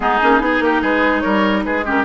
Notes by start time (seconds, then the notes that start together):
0.00 G#3 B3 D#4 G#4
0.21 A#3 C#4
0.40 B3 D#4 G#4
0.60 A#3 G4 A#4
0.81 G#3 G#4 B4
1.20 G3 A#4 C#5
1.64 G#3 G#4 B4
1.85 C#4 G4 A#4